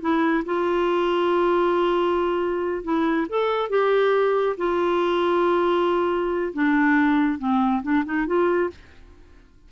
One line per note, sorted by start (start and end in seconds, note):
0.00 0.43 E4
0.45 2.83 F4
2.83 3.27 E4
3.29 3.69 A4
3.69 4.56 G4
4.57 6.53 F4
6.53 7.38 D4
7.38 7.82 C4
7.82 8.04 D4
8.05 8.26 D#4
8.26 8.70 F4